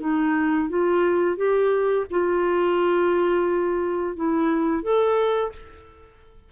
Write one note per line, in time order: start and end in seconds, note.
0.00 0.69 D#4
0.69 1.37 F4
1.37 2.06 G4
2.10 4.16 F4
4.16 4.83 E4
4.83 5.52 A4